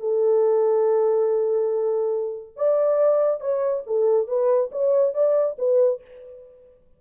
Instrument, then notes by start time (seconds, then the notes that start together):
horn
0.00 A4
2.57 D5
3.41 C#5
3.87 A4
4.28 B4
4.72 C#5
5.14 D5
5.59 B4